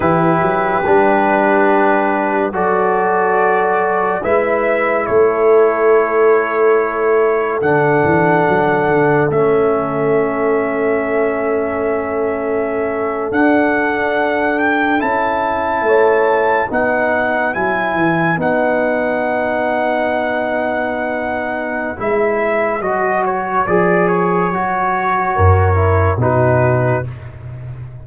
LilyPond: <<
  \new Staff \with { instrumentName = "trumpet" } { \time 4/4 \tempo 4 = 71 b'2. d''4~ | d''4 e''4 cis''2~ | cis''4 fis''2 e''4~ | e''2.~ e''8. fis''16~ |
fis''4~ fis''16 g''8 a''2 fis''16~ | fis''8. gis''4 fis''2~ fis''16~ | fis''2 e''4 dis''8 cis''8 | d''8 cis''2~ cis''8 b'4 | }
  \new Staff \with { instrumentName = "horn" } { \time 4/4 g'2. a'4~ | a'4 b'4 a'2~ | a'1~ | a'1~ |
a'2~ a'8. cis''4 b'16~ | b'1~ | b'1~ | b'2 ais'4 fis'4 | }
  \new Staff \with { instrumentName = "trombone" } { \time 4/4 e'4 d'2 fis'4~ | fis'4 e'2.~ | e'4 d'2 cis'4~ | cis'2.~ cis'8. d'16~ |
d'4.~ d'16 e'2 dis'16~ | dis'8. e'4 dis'2~ dis'16~ | dis'2 e'4 fis'4 | gis'4 fis'4. e'8 dis'4 | }
  \new Staff \with { instrumentName = "tuba" } { \time 4/4 e8 fis8 g2 fis4~ | fis4 gis4 a2~ | a4 d8 e8 fis8 d8 a4~ | a2.~ a8. d'16~ |
d'4.~ d'16 cis'4 a4 b16~ | b8. fis8 e8 b2~ b16~ | b2 gis4 fis4 | f4 fis4 fis,4 b,4 | }
>>